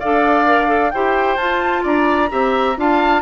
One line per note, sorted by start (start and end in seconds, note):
0.00 0.94 D4
0.00 0.46 A4
0.00 0.92 D5
0.00 0.91 F5
0.46 0.67 A#4
0.67 0.90 A4
0.91 1.37 E4
0.91 1.38 G4
0.91 1.83 C5
0.91 1.37 G5
1.37 1.83 F4
1.37 2.30 F4
1.37 1.83 A5
1.83 2.31 D4
1.83 2.29 D5
1.83 2.79 A#5
2.30 2.77 C4
2.30 2.76 G4
2.30 2.77 E5
2.77 3.23 D4
2.77 3.23 F4
2.77 3.23 F5
2.77 3.23 A5